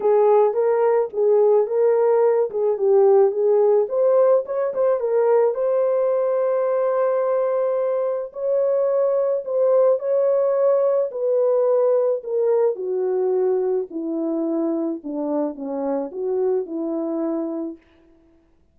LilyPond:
\new Staff \with { instrumentName = "horn" } { \time 4/4 \tempo 4 = 108 gis'4 ais'4 gis'4 ais'4~ | ais'8 gis'8 g'4 gis'4 c''4 | cis''8 c''8 ais'4 c''2~ | c''2. cis''4~ |
cis''4 c''4 cis''2 | b'2 ais'4 fis'4~ | fis'4 e'2 d'4 | cis'4 fis'4 e'2 | }